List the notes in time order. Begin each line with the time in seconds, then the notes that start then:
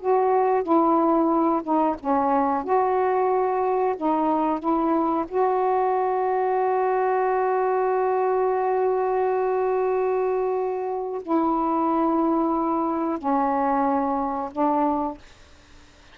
0.00 F#4
0.63 E4
1.63 D#4
2.00 C#4
2.64 F#4
3.97 D#4
4.60 E4
5.29 F#4
11.22 E4
13.19 C#4
14.52 D4